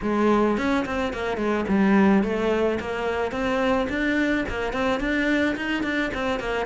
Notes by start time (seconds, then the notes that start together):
0.02 G#3
0.57 C#4
0.85 C4
1.13 A#3
1.37 G#3
1.68 G3
2.23 A3
2.80 A#3
3.31 C4
3.89 D4
4.48 A#3
4.72 C4
5.00 D4
5.56 D#4
5.83 D4
6.13 C4
6.39 A#3